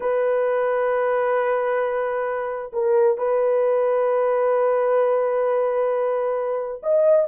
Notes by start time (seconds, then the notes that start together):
0.00 B4
2.72 A#4
3.17 B4
6.83 D#5